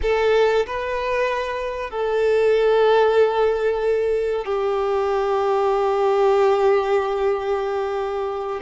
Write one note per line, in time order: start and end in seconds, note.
0.02 0.66 A4
0.66 1.90 B4
1.90 4.45 A4
4.45 8.60 G4